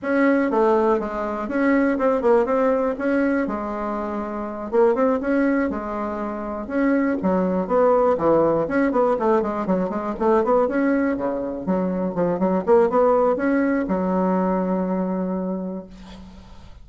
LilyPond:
\new Staff \with { instrumentName = "bassoon" } { \time 4/4 \tempo 4 = 121 cis'4 a4 gis4 cis'4 | c'8 ais8 c'4 cis'4 gis4~ | gis4. ais8 c'8 cis'4 gis8~ | gis4. cis'4 fis4 b8~ |
b8 e4 cis'8 b8 a8 gis8 fis8 | gis8 a8 b8 cis'4 cis4 fis8~ | fis8 f8 fis8 ais8 b4 cis'4 | fis1 | }